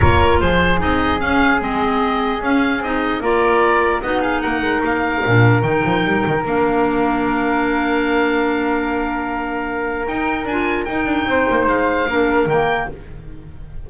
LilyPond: <<
  \new Staff \with { instrumentName = "oboe" } { \time 4/4 \tempo 4 = 149 cis''4 c''4 dis''4 f''4 | dis''2 f''4 dis''4 | d''2 dis''8 f''8 fis''4 | f''2 g''2 |
f''1~ | f''1~ | f''4 g''4 gis''4 g''4~ | g''4 f''2 g''4 | }
  \new Staff \with { instrumentName = "flute" } { \time 4/4 ais'4 gis'2.~ | gis'1 | ais'2 fis'8 gis'8 ais'4~ | ais'1~ |
ais'1~ | ais'1~ | ais'1 | c''2 ais'2 | }
  \new Staff \with { instrumentName = "clarinet" } { \time 4/4 f'2 dis'4 cis'4 | c'2 cis'4 dis'4 | f'2 dis'2~ | dis'4 d'4 dis'2 |
d'1~ | d'1~ | d'4 dis'4 f'4 dis'4~ | dis'2 d'4 ais4 | }
  \new Staff \with { instrumentName = "double bass" } { \time 4/4 ais4 f4 c'4 cis'4 | gis2 cis'4 c'4 | ais2 b4 ais8 gis8 | ais4 ais,4 dis8 f8 g8 dis8 |
ais1~ | ais1~ | ais4 dis'4 d'4 dis'8 d'8 | c'8 ais8 gis4 ais4 dis4 | }
>>